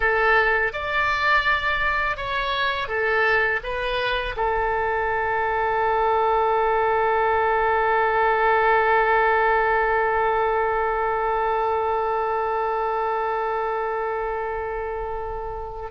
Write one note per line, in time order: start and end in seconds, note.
0.00 0.72 A4
0.73 2.17 D5
2.17 2.88 C#5
2.88 3.60 A4
3.63 4.35 B4
4.36 15.90 A4